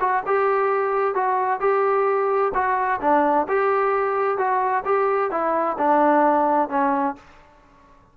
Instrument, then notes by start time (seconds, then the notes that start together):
trombone
0.00 F#4
0.26 G4
1.14 F#4
1.60 G4
2.54 F#4
3.01 D4
3.48 G4
4.38 F#4
4.85 G4
5.31 E4
5.78 D4
6.69 C#4